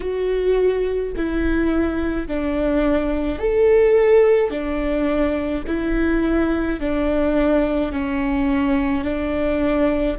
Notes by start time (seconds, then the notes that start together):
0.00 F#4
1.16 E4
2.27 D4
3.39 A4
4.50 D4
5.67 E4
6.80 D4
7.92 C#4
9.04 D4